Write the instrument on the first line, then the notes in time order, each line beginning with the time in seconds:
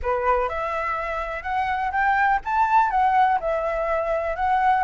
flute
0.02 B4
0.49 E5
1.43 F#5
1.91 G5
2.44 A5
2.90 F#5
3.40 E5
4.36 F#5